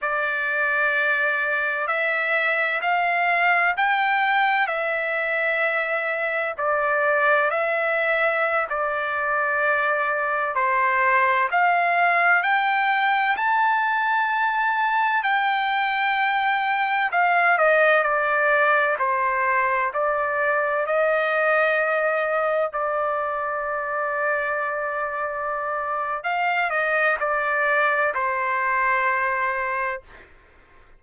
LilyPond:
\new Staff \with { instrumentName = "trumpet" } { \time 4/4 \tempo 4 = 64 d''2 e''4 f''4 | g''4 e''2 d''4 | e''4~ e''16 d''2 c''8.~ | c''16 f''4 g''4 a''4.~ a''16~ |
a''16 g''2 f''8 dis''8 d''8.~ | d''16 c''4 d''4 dis''4.~ dis''16~ | dis''16 d''2.~ d''8. | f''8 dis''8 d''4 c''2 | }